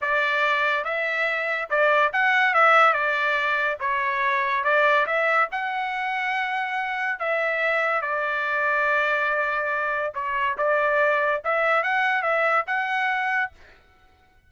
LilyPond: \new Staff \with { instrumentName = "trumpet" } { \time 4/4 \tempo 4 = 142 d''2 e''2 | d''4 fis''4 e''4 d''4~ | d''4 cis''2 d''4 | e''4 fis''2.~ |
fis''4 e''2 d''4~ | d''1 | cis''4 d''2 e''4 | fis''4 e''4 fis''2 | }